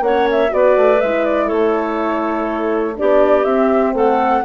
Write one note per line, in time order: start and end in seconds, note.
0.00 0.49 A#3
0.00 0.49 C#4
0.00 0.52 C#5
0.00 0.28 F#5
0.30 0.53 E5
0.49 0.76 B3
0.49 0.98 F#4
0.49 1.46 B4
0.49 1.00 D5
0.76 1.01 A3
1.00 1.51 G#3
1.00 2.96 E4
1.00 1.25 E5
1.25 1.48 D5
1.46 2.99 A3
1.46 2.94 A4
1.46 2.96 C#5
2.96 3.45 B3
2.96 3.45 D4
2.96 3.94 G4
2.96 3.44 D5
3.44 3.94 C4
3.44 4.45 C4
3.44 3.93 E5
3.94 4.43 A3
3.94 4.43 A4
3.94 4.45 F#5